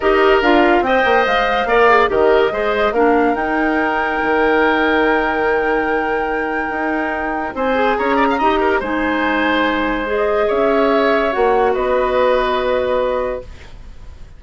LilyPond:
<<
  \new Staff \with { instrumentName = "flute" } { \time 4/4 \tempo 4 = 143 dis''4 f''4 g''4 f''4~ | f''4 dis''2 f''4 | g''1~ | g''1~ |
g''2 gis''4 ais''4~ | ais''4 gis''2. | dis''4 e''2 fis''4 | dis''1 | }
  \new Staff \with { instrumentName = "oboe" } { \time 4/4 ais'2 dis''2 | d''4 ais'4 c''4 ais'4~ | ais'1~ | ais'1~ |
ais'2 c''4 cis''8 d''16 f''16 | dis''8 ais'8 c''2.~ | c''4 cis''2. | b'1 | }
  \new Staff \with { instrumentName = "clarinet" } { \time 4/4 g'4 f'4 c''2 | ais'8 gis'8 g'4 gis'4 d'4 | dis'1~ | dis'1~ |
dis'2~ dis'8 gis'4. | g'4 dis'2. | gis'2. fis'4~ | fis'1 | }
  \new Staff \with { instrumentName = "bassoon" } { \time 4/4 dis'4 d'4 c'8 ais8 gis4 | ais4 dis4 gis4 ais4 | dis'2 dis2~ | dis1 |
dis'2 c'4 cis'4 | dis'4 gis2.~ | gis4 cis'2 ais4 | b1 | }
>>